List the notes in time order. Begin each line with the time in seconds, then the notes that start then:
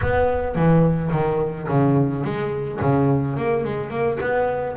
0.01 B3
0.55 E3
1.11 D#3
1.67 C#3
2.24 G#3
2.80 C#3
3.36 A#3
3.63 G#3
3.90 A#3
4.20 B3